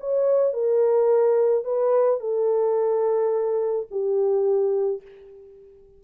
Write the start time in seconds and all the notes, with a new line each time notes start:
0.00 C#5
0.53 A#4
1.64 B4
2.20 A4
3.91 G4